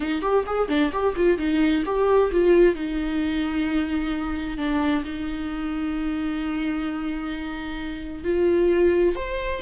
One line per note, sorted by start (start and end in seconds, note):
0.00 0.21 D#4
0.21 0.44 G4
0.46 0.68 G#4
0.68 0.91 D4
0.92 1.15 G4
1.16 1.38 F4
1.38 1.83 D#4
1.85 2.31 G4
2.31 2.75 F4
2.75 4.57 D#4
4.57 5.03 D4
5.04 8.23 D#4
8.23 9.15 F4
9.15 9.61 C5